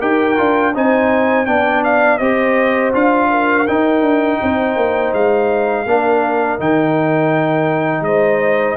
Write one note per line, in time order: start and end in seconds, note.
0.00 0.38 D#4
0.00 0.37 G4
0.00 0.73 A#4
0.00 0.74 G5
0.37 0.75 D4
0.37 0.73 F4
0.75 1.48 C4
0.75 1.47 D#4
0.75 1.49 C5
0.75 1.46 G#5
1.46 2.20 B3
1.46 2.20 D4
1.46 2.20 D5
1.46 1.82 G5
1.84 2.18 F5
2.18 2.93 C4
2.18 2.93 G4
2.18 3.30 C5
2.18 2.91 D#5
2.93 3.67 D4
2.93 3.66 F4
2.93 3.67 F5
3.30 4.40 A#4
3.67 5.87 D#4
3.67 4.01 D#4
3.67 5.13 G5
4.01 4.38 D4
4.42 4.76 C4
4.42 5.87 C5
4.76 5.13 A#3
5.13 5.86 G#3
5.13 6.60 F5
5.86 6.59 A#3
5.86 6.59 D4
5.86 8.05 A#4
6.59 8.01 D#3
6.59 8.77 D#4
6.59 8.04 G5
8.01 8.74 G#3
8.01 8.77 C5
8.01 8.77 D#5